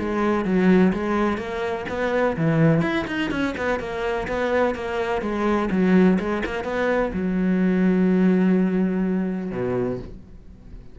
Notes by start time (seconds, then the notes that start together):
0.00 G#3
0.45 F#3
0.93 G#3
1.38 A#3
1.89 B3
2.37 E3
2.82 E4
3.08 D#4
3.31 C#4
3.58 B3
3.80 A#3
4.28 B3
4.75 A#3
5.22 G#3
5.71 F#3
6.19 G#3
6.46 A#3
6.65 B3
7.13 F#3
9.52 B2